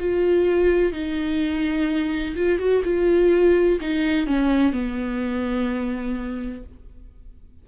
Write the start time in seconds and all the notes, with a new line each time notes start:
0.00 F4
0.92 D#4
2.36 F4
2.59 F#4
2.84 F4
3.81 D#4
4.27 C#4
4.73 B3